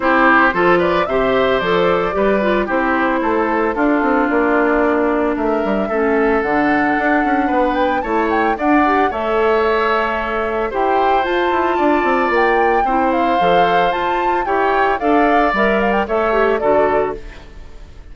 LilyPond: <<
  \new Staff \with { instrumentName = "flute" } { \time 4/4 \tempo 4 = 112 c''4. d''8 e''4 d''4~ | d''4 c''2 a'4 | d''2 e''2 | fis''2~ fis''8 g''8 a''8 g''8 |
fis''4 e''2. | g''4 a''2 g''4~ | g''8 f''4. a''4 g''4 | f''4 e''8 f''16 g''16 e''4 d''4 | }
  \new Staff \with { instrumentName = "oboe" } { \time 4/4 g'4 a'8 b'8 c''2 | b'4 g'4 a'4 f'4~ | f'2 ais'4 a'4~ | a'2 b'4 cis''4 |
d''4 cis''2. | c''2 d''2 | c''2. cis''4 | d''2 cis''4 a'4 | }
  \new Staff \with { instrumentName = "clarinet" } { \time 4/4 e'4 f'4 g'4 a'4 | g'8 f'8 e'2 d'4~ | d'2. cis'4 | d'2. e'4 |
d'8 g'8 a'2. | g'4 f'2. | e'4 a'4 f'4 g'4 | a'4 ais'4 a'8 g'8 fis'4 | }
  \new Staff \with { instrumentName = "bassoon" } { \time 4/4 c'4 f4 c4 f4 | g4 c'4 a4 d'8 c'8 | ais2 a8 g8 a4 | d4 d'8 cis'8 b4 a4 |
d'4 a2. | e'4 f'8 e'8 d'8 c'8 ais4 | c'4 f4 f'4 e'4 | d'4 g4 a4 d4 | }
>>